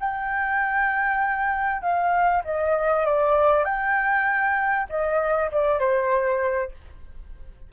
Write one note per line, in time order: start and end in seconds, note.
0.00 1.82 G5
1.82 2.43 F5
2.44 3.05 D#5
3.06 3.65 D5
3.65 4.87 G5
4.89 5.50 D#5
5.52 5.80 D5
5.80 6.72 C5